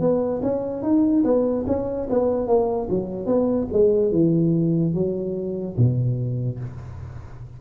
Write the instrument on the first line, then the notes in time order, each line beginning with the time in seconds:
tuba
0.00 B3
0.42 C#4
0.83 D#4
1.24 B3
1.67 C#4
2.10 B3
2.47 A#3
2.90 F#3
3.26 B3
3.72 G#3
4.12 E3
4.94 F#3
5.77 B2